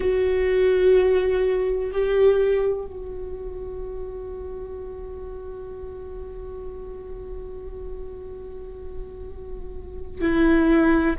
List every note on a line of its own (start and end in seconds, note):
0.00 1.90 F#4
1.91 2.85 G4
2.85 10.21 F#4
10.21 11.16 E4